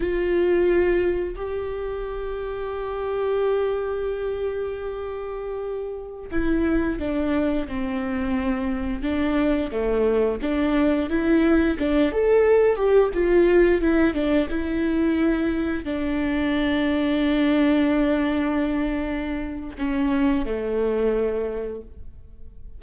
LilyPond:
\new Staff \with { instrumentName = "viola" } { \time 4/4 \tempo 4 = 88 f'2 g'2~ | g'1~ | g'4~ g'16 e'4 d'4 c'8.~ | c'4~ c'16 d'4 a4 d'8.~ |
d'16 e'4 d'8 a'4 g'8 f'8.~ | f'16 e'8 d'8 e'2 d'8.~ | d'1~ | d'4 cis'4 a2 | }